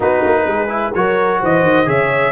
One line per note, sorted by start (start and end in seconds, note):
0.00 0.23 B3
0.00 0.68 D#4
0.00 0.44 F#4
0.00 0.94 B4
0.24 0.47 A#3
0.47 0.93 G#3
0.47 0.95 G#4
0.68 0.92 E4
0.94 1.42 F#3
0.94 1.85 F#4
0.94 1.40 A#4
0.94 1.40 C#5
1.40 1.63 E3
1.40 1.87 C5
1.40 1.89 D#5
1.63 1.86 D#3
1.85 2.31 C#3
1.85 2.31 G#4
1.85 2.31 C#5
1.85 2.31 E5